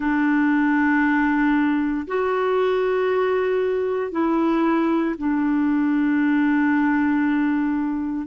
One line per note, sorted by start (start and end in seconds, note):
0.00 2.06 D4
2.07 4.11 F#4
4.11 5.14 E4
5.18 8.27 D4